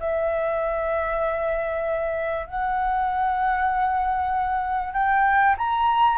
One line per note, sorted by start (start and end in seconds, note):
0.00 2.47 E5
2.47 4.93 F#5
4.93 5.55 G5
5.58 6.18 A#5